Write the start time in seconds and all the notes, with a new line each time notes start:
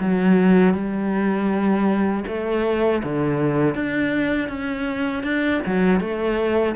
0.00 F#3
0.74 G3
2.27 A3
3.03 D3
3.75 D4
4.48 C#4
5.23 D4
5.66 F#3
6.00 A3